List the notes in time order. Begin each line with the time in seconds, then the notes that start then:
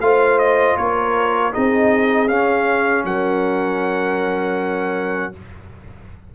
0.00 A3 F4 C5 F5
0.38 D#5
0.77 A#3 A#4 C#5
1.53 C4 D#4 G#4 D#5
2.28 C#4 F5
3.04 F#3 A#4 F#5